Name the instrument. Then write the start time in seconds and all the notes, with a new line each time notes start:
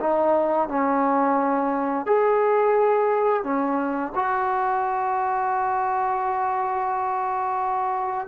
trombone
0.00 D#4
0.69 C#4
2.06 G#4
3.43 C#4
4.15 F#4